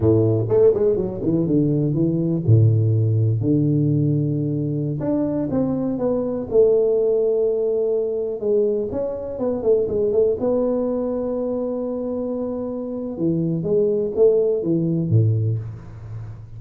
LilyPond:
\new Staff \with { instrumentName = "tuba" } { \time 4/4 \tempo 4 = 123 a,4 a8 gis8 fis8 e8 d4 | e4 a,2 d4~ | d2~ d16 d'4 c'8.~ | c'16 b4 a2~ a8.~ |
a4~ a16 gis4 cis'4 b8 a16~ | a16 gis8 a8 b2~ b8.~ | b2. e4 | gis4 a4 e4 a,4 | }